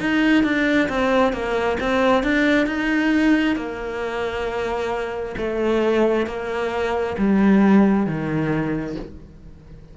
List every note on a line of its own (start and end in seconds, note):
0.00 0.44 D#4
0.44 0.88 D4
0.89 1.33 C4
1.33 1.77 A#3
1.80 2.23 C4
2.23 2.66 D4
2.66 3.56 D#4
3.56 5.35 A#3
5.37 6.26 A3
6.26 7.16 A#3
7.18 8.06 G3
8.06 8.96 D#3